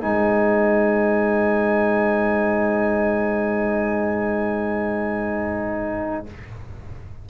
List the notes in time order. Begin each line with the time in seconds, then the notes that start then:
0.00 G#3 D#4 C5 G#5